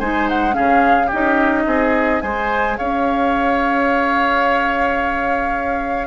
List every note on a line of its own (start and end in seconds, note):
0.00 0.56 G#3
0.00 0.52 D#4
0.00 0.55 C5
0.00 0.28 G#5
0.29 0.55 F#5
0.52 1.07 C#4
0.52 1.07 G#4
0.52 1.10 F5
0.58 1.13 C#3
1.07 1.67 C#4
1.07 1.63 G4
1.07 2.22 D#5
1.14 2.23 D#4
1.67 2.22 C4
1.67 2.23 G#4
2.22 2.79 G#3
2.22 6.08 G#4
2.22 2.78 C5
2.22 2.78 G#5
2.78 6.08 C#4
2.78 6.08 C#5
2.78 6.08 F5